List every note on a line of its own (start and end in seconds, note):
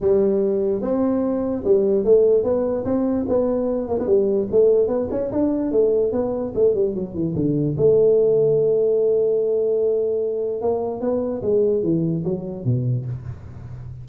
0.00 0.81 G3
0.81 1.63 C4
1.64 2.04 G3
2.04 2.43 A3
2.43 2.84 B3
2.84 3.25 C4
3.28 3.87 B3
3.87 3.98 A#3
3.99 4.06 B3
4.06 4.47 G3
4.51 4.87 A3
4.87 5.08 B3
5.10 5.31 C#4
5.31 5.71 D4
5.71 6.12 A3
6.12 6.53 B3
6.54 6.74 A3
6.74 6.94 G3
6.94 7.14 F#3
7.14 7.34 E3
7.35 7.76 D3
7.77 10.61 A3
10.61 11.00 A#3
11.00 11.41 B3
11.42 11.82 G#3
11.82 12.23 E3
12.24 12.64 F#3
12.64 13.05 B2